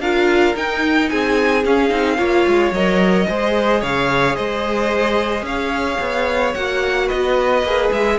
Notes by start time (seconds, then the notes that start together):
0.00 D4 F4 A#4 F5
0.55 D#4 G5
1.10 C4 G#4 G#5
1.65 C#4 F5
1.90 C4 D#4
2.18 A#3 F4 C#5
2.48 G#3
2.72 F#3 A#4 D#5
3.28 G#3 G#4 C5
3.81 C#3 C#5 F5
4.36 G#3 C5 D#5
5.42 C#4 C#5 F5
6.00 B3
6.54 A#3 F#4 F#5
7.07 B3 B4 D#5
7.63 A#3 G#4
7.92 G#3 E5